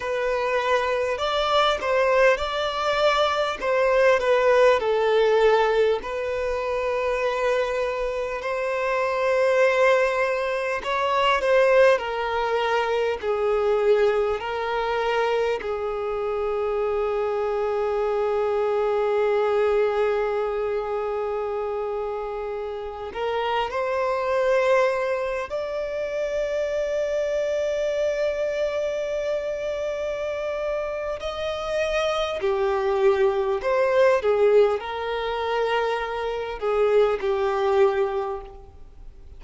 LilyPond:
\new Staff \with { instrumentName = "violin" } { \time 4/4 \tempo 4 = 50 b'4 d''8 c''8 d''4 c''8 b'8 | a'4 b'2 c''4~ | c''4 cis''8 c''8 ais'4 gis'4 | ais'4 gis'2.~ |
gis'2.~ gis'16 ais'8 c''16~ | c''4~ c''16 d''2~ d''8.~ | d''2 dis''4 g'4 | c''8 gis'8 ais'4. gis'8 g'4 | }